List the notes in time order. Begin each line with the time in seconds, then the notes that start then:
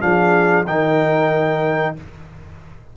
0.00 F3 D4 G#4 F5
0.66 D#3 D#4 A#4 G5